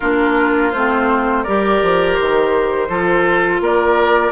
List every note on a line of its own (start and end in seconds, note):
0.00 0.73 A#3
0.00 0.74 D4
0.00 1.43 F4
0.00 0.71 A#4
0.71 1.46 A3
0.71 1.46 C4
0.71 1.43 C5
1.43 1.82 G3
1.43 2.88 G4
1.43 2.88 A#4
1.43 2.15 D5
1.82 2.18 F3
2.15 2.88 D#3
2.15 3.59 C5
2.88 3.60 F3
2.88 4.32 F4
2.88 3.61 A4
3.60 4.32 A#3
3.60 4.32 A#4
3.60 4.32 D5